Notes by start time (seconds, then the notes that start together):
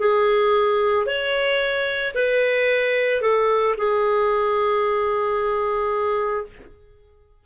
0.00 G#4
1.07 C#5
2.15 B4
3.22 A4
3.78 G#4